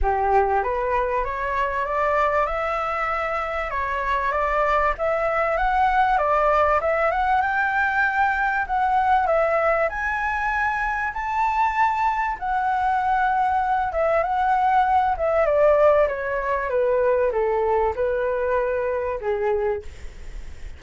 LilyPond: \new Staff \with { instrumentName = "flute" } { \time 4/4 \tempo 4 = 97 g'4 b'4 cis''4 d''4 | e''2 cis''4 d''4 | e''4 fis''4 d''4 e''8 fis''8 | g''2 fis''4 e''4 |
gis''2 a''2 | fis''2~ fis''8 e''8 fis''4~ | fis''8 e''8 d''4 cis''4 b'4 | a'4 b'2 gis'4 | }